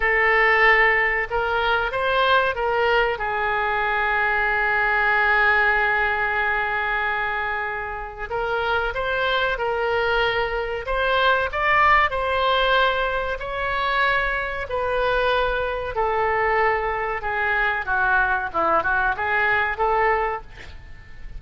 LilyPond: \new Staff \with { instrumentName = "oboe" } { \time 4/4 \tempo 4 = 94 a'2 ais'4 c''4 | ais'4 gis'2.~ | gis'1~ | gis'4 ais'4 c''4 ais'4~ |
ais'4 c''4 d''4 c''4~ | c''4 cis''2 b'4~ | b'4 a'2 gis'4 | fis'4 e'8 fis'8 gis'4 a'4 | }